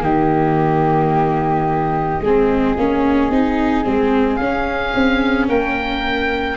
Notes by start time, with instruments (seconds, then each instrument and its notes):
0.00 tuba D#3, viola A#3, flute G4, oboe D#5
2.20 tuba G#3, viola C4, flute G#4
2.77 tuba A#3, viola C#4
3.30 tuba C4, viola D#4
3.84 tuba G#3, viola C4
4.36 tuba C#4, oboe F5
4.42 viola C#4
4.95 tuba C4
5.48 tuba A#3, flute A#4, oboe G5